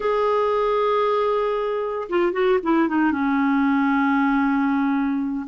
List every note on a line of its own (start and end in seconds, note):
0.00 2.08 G#4
2.09 2.32 F4
2.32 2.58 F#4
2.63 2.88 E4
2.88 3.11 D#4
3.11 5.46 C#4